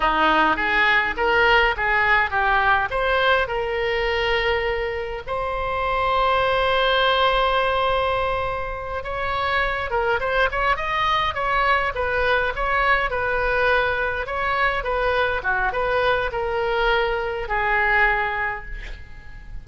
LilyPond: \new Staff \with { instrumentName = "oboe" } { \time 4/4 \tempo 4 = 103 dis'4 gis'4 ais'4 gis'4 | g'4 c''4 ais'2~ | ais'4 c''2.~ | c''2.~ c''8 cis''8~ |
cis''4 ais'8 c''8 cis''8 dis''4 cis''8~ | cis''8 b'4 cis''4 b'4.~ | b'8 cis''4 b'4 fis'8 b'4 | ais'2 gis'2 | }